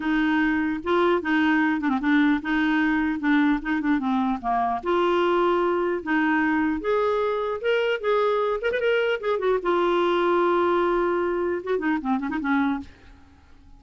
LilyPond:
\new Staff \with { instrumentName = "clarinet" } { \time 4/4 \tempo 4 = 150 dis'2 f'4 dis'4~ | dis'8 d'16 c'16 d'4 dis'2 | d'4 dis'8 d'8 c'4 ais4 | f'2. dis'4~ |
dis'4 gis'2 ais'4 | gis'4. ais'16 b'16 ais'4 gis'8 fis'8 | f'1~ | f'4 fis'8 dis'8 c'8 cis'16 dis'16 cis'4 | }